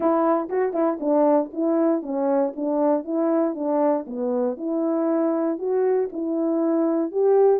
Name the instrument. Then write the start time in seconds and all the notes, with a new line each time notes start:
horn
0.00 E4
0.49 F#4
0.73 E4
1.00 D4
1.53 E4
2.02 C#4
2.55 D4
3.04 E4
3.54 D4
4.07 B3
4.57 E4
5.58 F#4
6.12 E4
7.11 G4